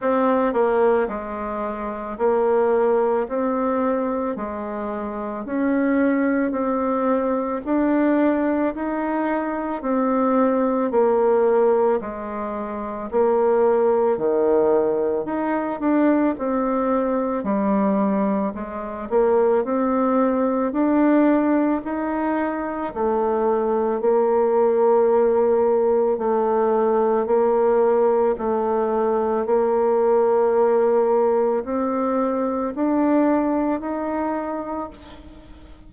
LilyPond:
\new Staff \with { instrumentName = "bassoon" } { \time 4/4 \tempo 4 = 55 c'8 ais8 gis4 ais4 c'4 | gis4 cis'4 c'4 d'4 | dis'4 c'4 ais4 gis4 | ais4 dis4 dis'8 d'8 c'4 |
g4 gis8 ais8 c'4 d'4 | dis'4 a4 ais2 | a4 ais4 a4 ais4~ | ais4 c'4 d'4 dis'4 | }